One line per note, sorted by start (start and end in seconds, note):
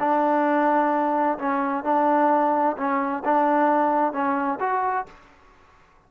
0.00 1.38 D4
1.39 1.84 C#4
1.84 2.77 D4
2.78 3.24 C#4
3.25 4.13 D4
4.13 4.59 C#4
4.60 5.06 F#4